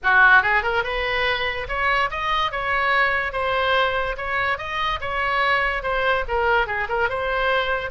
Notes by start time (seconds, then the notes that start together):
0.03 F#4
0.42 G#4
0.62 A#4
0.83 B4
1.68 C#5
2.10 D#5
2.51 C#5
3.32 C5
4.17 C#5
4.57 D#5
5.00 C#5
5.82 C5
6.27 A#4
6.66 G#4
6.89 A#4
7.09 C5